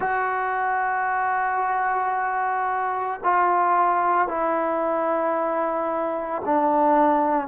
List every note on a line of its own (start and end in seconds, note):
0.00 3.20 F#4
3.23 4.28 F4
4.28 6.42 E4
6.45 7.47 D4